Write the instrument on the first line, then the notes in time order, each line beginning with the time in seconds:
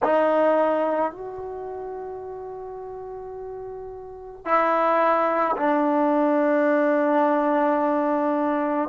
trombone
0.03 D#4
1.11 F#4
4.44 E4
5.56 D4